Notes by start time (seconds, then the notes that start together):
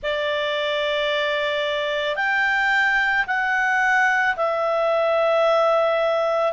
0.02 D5
2.16 G5
3.27 F#5
4.36 E5